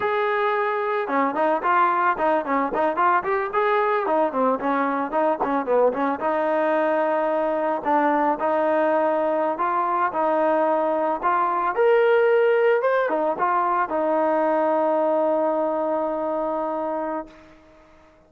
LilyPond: \new Staff \with { instrumentName = "trombone" } { \time 4/4 \tempo 4 = 111 gis'2 cis'8 dis'8 f'4 | dis'8 cis'8 dis'8 f'8 g'8 gis'4 dis'8 | c'8 cis'4 dis'8 cis'8 b8 cis'8 dis'8~ | dis'2~ dis'8 d'4 dis'8~ |
dis'4.~ dis'16 f'4 dis'4~ dis'16~ | dis'8. f'4 ais'2 c''16~ | c''16 dis'8 f'4 dis'2~ dis'16~ | dis'1 | }